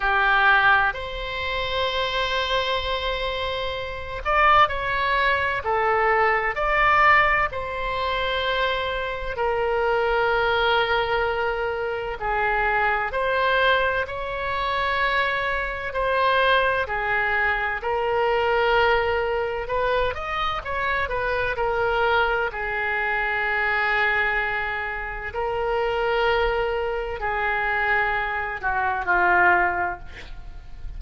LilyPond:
\new Staff \with { instrumentName = "oboe" } { \time 4/4 \tempo 4 = 64 g'4 c''2.~ | c''8 d''8 cis''4 a'4 d''4 | c''2 ais'2~ | ais'4 gis'4 c''4 cis''4~ |
cis''4 c''4 gis'4 ais'4~ | ais'4 b'8 dis''8 cis''8 b'8 ais'4 | gis'2. ais'4~ | ais'4 gis'4. fis'8 f'4 | }